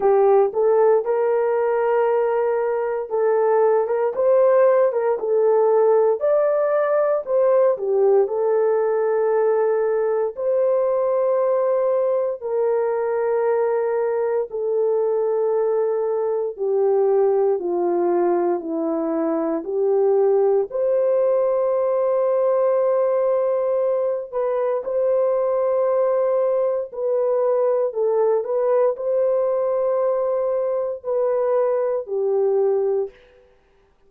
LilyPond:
\new Staff \with { instrumentName = "horn" } { \time 4/4 \tempo 4 = 58 g'8 a'8 ais'2 a'8. ais'16 | c''8. ais'16 a'4 d''4 c''8 g'8 | a'2 c''2 | ais'2 a'2 |
g'4 f'4 e'4 g'4 | c''2.~ c''8 b'8 | c''2 b'4 a'8 b'8 | c''2 b'4 g'4 | }